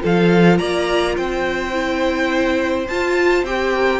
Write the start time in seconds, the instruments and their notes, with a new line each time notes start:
0.00 cello F3, viola F4, violin A4 F5
0.58 cello A#3, violin D5 A#5
1.17 cello C4, violin C5 G5
1.73 viola E4
2.87 cello F4, viola F4, violin A5
3.44 cello C4, viola G4, violin G5
3.73 violin A#4